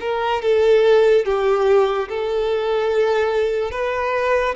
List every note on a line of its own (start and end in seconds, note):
0.00 0.42 A#4
0.42 1.25 A4
1.25 2.08 G4
2.08 3.71 A4
3.71 4.54 B4